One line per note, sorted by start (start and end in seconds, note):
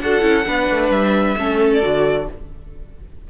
0.00 0.22 D4
0.00 0.21 F#4
0.00 0.46 A4
0.00 0.91 F#5
0.21 0.45 C#4
0.21 0.44 E4
0.44 0.70 B3
0.44 1.35 D4
0.44 1.37 B4
0.70 0.89 A3
0.89 1.35 G3
0.89 1.70 E5
1.37 1.82 A3
1.37 1.81 C#4
1.37 2.28 A4
1.73 2.30 D5
1.81 2.28 D3
1.81 2.27 F#4